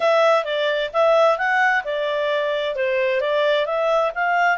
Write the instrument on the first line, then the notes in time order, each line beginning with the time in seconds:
clarinet
0.00 E5
0.44 D5
0.93 E5
1.37 F#5
1.84 D5
2.75 C5
3.20 D5
3.66 E5
4.15 F5